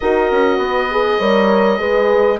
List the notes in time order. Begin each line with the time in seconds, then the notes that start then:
0.00 D#4 F#4 A#4 D#5
0.31 C#4
0.58 B3 B4
0.90 G#4
1.18 G3 A#4 C#5
1.78 G#3 G#4 B4